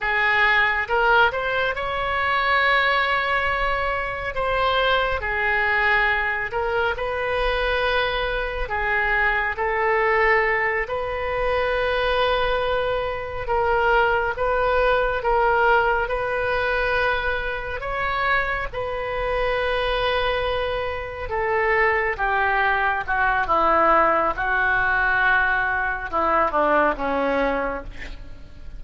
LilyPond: \new Staff \with { instrumentName = "oboe" } { \time 4/4 \tempo 4 = 69 gis'4 ais'8 c''8 cis''2~ | cis''4 c''4 gis'4. ais'8 | b'2 gis'4 a'4~ | a'8 b'2. ais'8~ |
ais'8 b'4 ais'4 b'4.~ | b'8 cis''4 b'2~ b'8~ | b'8 a'4 g'4 fis'8 e'4 | fis'2 e'8 d'8 cis'4 | }